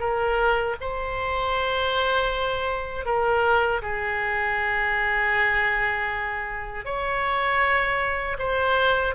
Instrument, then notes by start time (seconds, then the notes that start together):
oboe
0.00 A#4
0.81 C5
3.06 A#4
3.82 G#4
6.85 C#5
8.39 C5